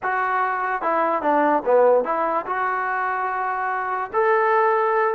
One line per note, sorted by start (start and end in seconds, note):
0.02 0.82 F#4
0.82 1.21 E4
1.21 1.63 D4
1.65 2.04 B3
2.04 2.45 E4
2.46 4.10 F#4
4.13 5.14 A4